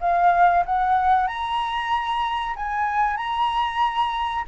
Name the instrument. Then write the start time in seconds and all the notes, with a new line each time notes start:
flute
0.00 F5
0.65 F#5
1.27 A#5
2.56 G#5
3.16 A#5